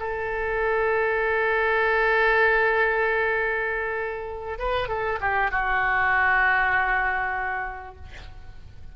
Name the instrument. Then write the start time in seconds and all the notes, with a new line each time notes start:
oboe
0.00 A4
4.59 B4
4.89 A4
5.21 G4
5.51 F#4